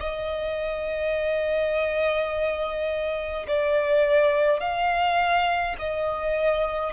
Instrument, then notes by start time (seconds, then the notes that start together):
violin
0.00 D#5
3.48 D5
4.60 F5
5.79 D#5